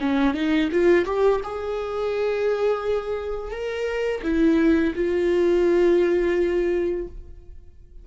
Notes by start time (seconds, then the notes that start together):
0.00 C#4
0.34 D#4
0.72 F4
1.05 G4
1.44 G#4
3.51 A#4
4.23 E4
4.95 F4